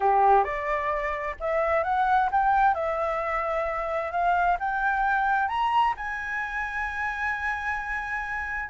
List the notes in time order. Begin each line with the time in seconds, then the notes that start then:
0.00 G4
0.44 D5
1.40 E5
1.83 F#5
2.31 G5
2.74 E5
4.11 F5
4.59 G5
5.48 A#5
5.96 G#5